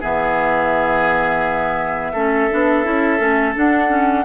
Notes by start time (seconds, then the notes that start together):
0.00 E3 B3 G#4 E5
2.13 A3 C#4 A4
2.50 B3 D4
2.84 C#4 E4
3.18 A3 C#4
3.55 D4 F#5
3.88 C#4